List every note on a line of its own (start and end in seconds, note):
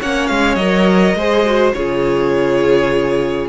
0.00 0.30 A#3
0.00 0.60 C#4
0.00 1.17 C#5
0.00 0.27 F#5
0.27 0.56 G#3
0.27 0.55 F5
0.55 1.14 F#3
0.55 1.19 A#4
0.55 1.72 D#5
1.15 1.73 G#3
1.15 1.46 G#4
1.15 1.76 C5
1.46 1.75 F#4
1.73 3.49 C#3
1.73 3.49 F4
1.73 3.49 G#4
1.73 3.48 C#5